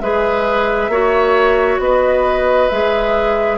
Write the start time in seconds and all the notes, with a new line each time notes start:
0.00 G#3 G#4 B4 E5
0.88 A#3 F#4 C#5
1.79 B3 B4 D#5
2.68 G#3 G#4 E5